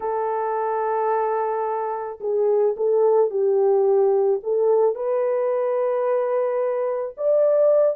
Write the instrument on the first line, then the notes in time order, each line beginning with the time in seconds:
horn
0.00 A4
2.20 G#4
2.76 A4
3.30 G4
4.43 A4
4.95 B4
7.17 D5